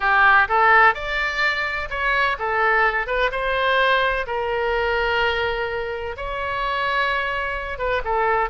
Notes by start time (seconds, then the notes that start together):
0.00 G4
0.48 A4
0.94 D5
1.90 C#5
2.38 A4
3.07 B4
3.31 C5
4.26 A#4
6.16 C#5
7.78 B4
8.04 A4